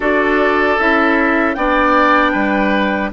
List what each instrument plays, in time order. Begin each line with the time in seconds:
0.00 bassoon D4, clarinet F#4, oboe A4, flute D5
0.79 bassoon C#4, clarinet E4, flute E5
1.54 bassoon B3, clarinet D4, oboe D5, flute G5
2.31 bassoon G3, oboe B4